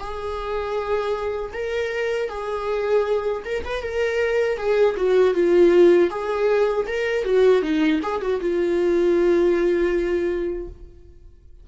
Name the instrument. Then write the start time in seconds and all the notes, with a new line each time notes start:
viola
0.00 G#4
1.53 A#4
2.29 G#4
3.45 A#4
3.65 B4
3.82 A#4
4.57 G#4
4.96 F#4
5.34 F4
6.10 G#4
6.87 A#4
7.24 F#4
7.62 D#4
8.03 G#4
8.21 F#4
8.40 F4